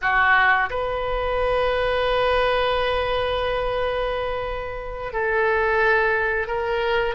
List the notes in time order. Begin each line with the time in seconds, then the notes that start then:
0.01 F#4
0.70 B4
5.12 A4
6.47 A#4